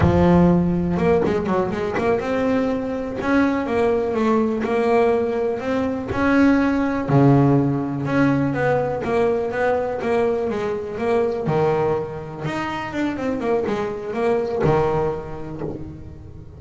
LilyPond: \new Staff \with { instrumentName = "double bass" } { \time 4/4 \tempo 4 = 123 f2 ais8 gis8 fis8 gis8 | ais8 c'2 cis'4 ais8~ | ais8 a4 ais2 c'8~ | c'8 cis'2 cis4.~ |
cis8 cis'4 b4 ais4 b8~ | b8 ais4 gis4 ais4 dis8~ | dis4. dis'4 d'8 c'8 ais8 | gis4 ais4 dis2 | }